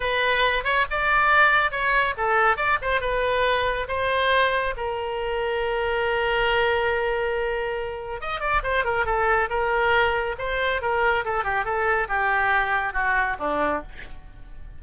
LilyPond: \new Staff \with { instrumentName = "oboe" } { \time 4/4 \tempo 4 = 139 b'4. cis''8 d''2 | cis''4 a'4 d''8 c''8 b'4~ | b'4 c''2 ais'4~ | ais'1~ |
ais'2. dis''8 d''8 | c''8 ais'8 a'4 ais'2 | c''4 ais'4 a'8 g'8 a'4 | g'2 fis'4 d'4 | }